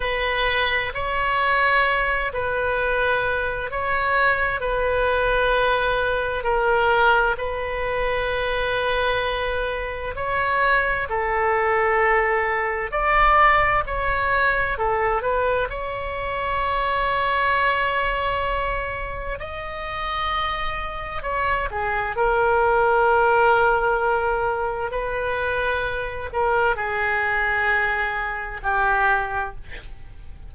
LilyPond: \new Staff \with { instrumentName = "oboe" } { \time 4/4 \tempo 4 = 65 b'4 cis''4. b'4. | cis''4 b'2 ais'4 | b'2. cis''4 | a'2 d''4 cis''4 |
a'8 b'8 cis''2.~ | cis''4 dis''2 cis''8 gis'8 | ais'2. b'4~ | b'8 ais'8 gis'2 g'4 | }